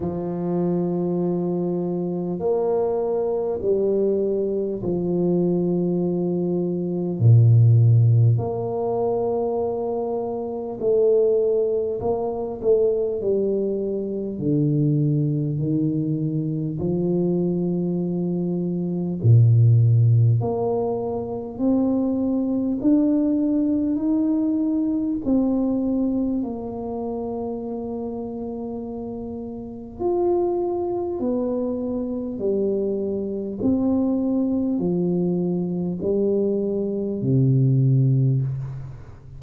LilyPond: \new Staff \with { instrumentName = "tuba" } { \time 4/4 \tempo 4 = 50 f2 ais4 g4 | f2 ais,4 ais4~ | ais4 a4 ais8 a8 g4 | d4 dis4 f2 |
ais,4 ais4 c'4 d'4 | dis'4 c'4 ais2~ | ais4 f'4 b4 g4 | c'4 f4 g4 c4 | }